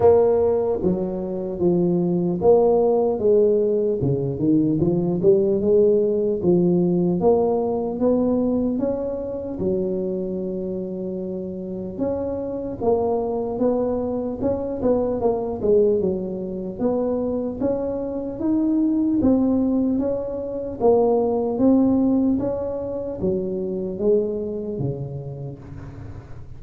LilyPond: \new Staff \with { instrumentName = "tuba" } { \time 4/4 \tempo 4 = 75 ais4 fis4 f4 ais4 | gis4 cis8 dis8 f8 g8 gis4 | f4 ais4 b4 cis'4 | fis2. cis'4 |
ais4 b4 cis'8 b8 ais8 gis8 | fis4 b4 cis'4 dis'4 | c'4 cis'4 ais4 c'4 | cis'4 fis4 gis4 cis4 | }